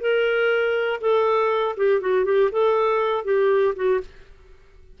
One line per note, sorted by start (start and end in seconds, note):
0.00 1.00 A#4
1.00 1.75 A4
1.76 2.00 G4
2.00 2.25 F#4
2.25 2.50 G4
2.51 3.24 A4
3.24 3.74 G4
3.75 4.00 F#4